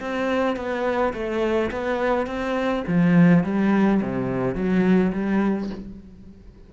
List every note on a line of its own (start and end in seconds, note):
0.00 0.56 C4
0.56 1.13 B3
1.13 1.70 A3
1.71 2.26 B3
2.26 2.84 C4
2.87 3.43 F3
3.43 4.01 G3
4.02 4.55 C3
4.55 5.12 F#3
5.12 5.70 G3